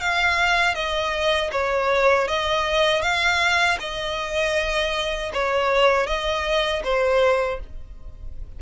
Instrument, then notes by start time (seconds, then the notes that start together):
violin
0.00 F5
0.74 D#5
1.52 C#5
2.28 D#5
3.02 F5
3.79 D#5
5.33 C#5
6.07 D#5
6.84 C5